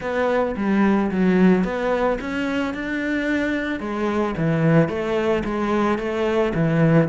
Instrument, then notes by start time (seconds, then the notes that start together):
cello
0.00 B3
0.56 G3
1.11 F#3
1.63 B3
2.20 C#4
2.73 D4
3.80 G#3
4.37 E3
4.88 A3
5.44 G#3
5.98 A3
6.54 E3